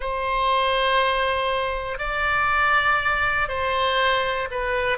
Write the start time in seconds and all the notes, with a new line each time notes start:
0.00 C5
1.98 D5
3.48 C5
4.50 B4